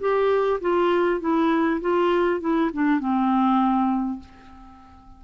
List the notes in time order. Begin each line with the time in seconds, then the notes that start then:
0.00 G4
0.61 F4
1.20 E4
1.81 F4
2.40 E4
2.73 D4
2.99 C4